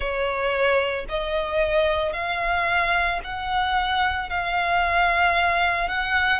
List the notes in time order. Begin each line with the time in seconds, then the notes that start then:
0.00 C#5
1.09 D#5
2.12 F5
3.23 F#5
4.29 F5
5.88 F#5